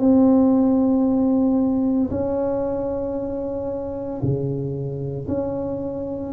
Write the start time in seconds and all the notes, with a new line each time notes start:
0.00 C4
2.11 C#4
4.22 C#3
5.28 C#4